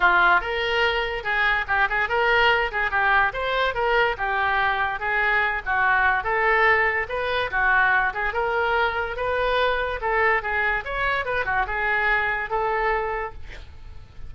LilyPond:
\new Staff \with { instrumentName = "oboe" } { \time 4/4 \tempo 4 = 144 f'4 ais'2 gis'4 | g'8 gis'8 ais'4. gis'8 g'4 | c''4 ais'4 g'2 | gis'4. fis'4. a'4~ |
a'4 b'4 fis'4. gis'8 | ais'2 b'2 | a'4 gis'4 cis''4 b'8 fis'8 | gis'2 a'2 | }